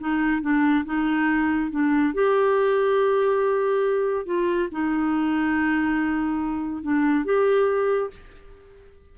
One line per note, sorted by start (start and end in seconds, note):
0.00 0.42 D#4
0.42 0.85 D4
0.85 1.71 D#4
1.71 2.14 D4
2.14 4.26 G4
4.26 4.69 F4
4.71 6.83 D#4
6.83 7.25 D4
7.25 8.10 G4